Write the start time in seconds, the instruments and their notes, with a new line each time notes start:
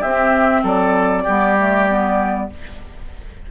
0.00 bassoon C4, clarinet C4, oboe G4, flute E5
0.63 bassoon F#3, oboe A4, flute D5
1.23 bassoon G3, clarinet B3, oboe G4
1.58 clarinet A3
1.89 clarinet B3